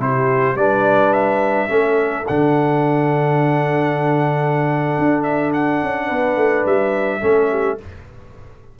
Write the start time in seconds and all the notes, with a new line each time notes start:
0.00 C3 E4 G4 C5
0.55 G3 D4 B4 D5
1.14 E5
1.69 A3 C#4 A4
2.28 D3 D4 F#5
4.99 D4
5.24 E5
5.53 F#5
5.83 C#4
6.07 B3 B4
6.37 A3
6.66 G3 E5
7.21 A3 C#4 A4
7.51 G4